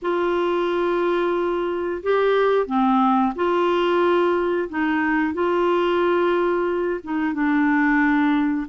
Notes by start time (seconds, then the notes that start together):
0.02 F4
2.02 G4
2.66 C4
3.35 F4
4.68 D#4
5.33 F4
7.03 D#4
7.33 D4